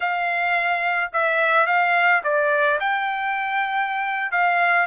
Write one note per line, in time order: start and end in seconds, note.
0.00 1.10 F5
1.12 1.66 E5
1.66 2.21 F5
2.23 2.79 D5
2.80 4.31 G5
4.31 4.86 F5